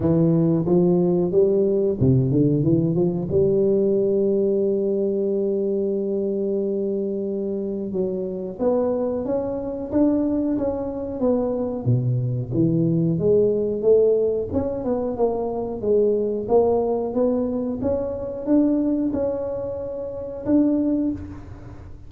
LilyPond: \new Staff \with { instrumentName = "tuba" } { \time 4/4 \tempo 4 = 91 e4 f4 g4 c8 d8 | e8 f8 g2.~ | g1 | fis4 b4 cis'4 d'4 |
cis'4 b4 b,4 e4 | gis4 a4 cis'8 b8 ais4 | gis4 ais4 b4 cis'4 | d'4 cis'2 d'4 | }